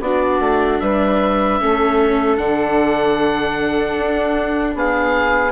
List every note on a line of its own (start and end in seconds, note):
0.00 0.39 B3
0.00 1.60 D4
0.00 0.81 F#4
0.00 0.79 D5
0.39 0.78 A3
0.79 1.60 G3
0.79 1.60 B4
0.79 2.37 E5
1.60 2.38 A3
1.60 2.37 C#4
1.60 4.75 A4
2.37 3.96 D3
2.37 5.51 D4
2.37 4.74 F#5
3.97 4.75 D4
4.75 5.51 B3
4.75 5.51 G#4
4.75 5.51 F5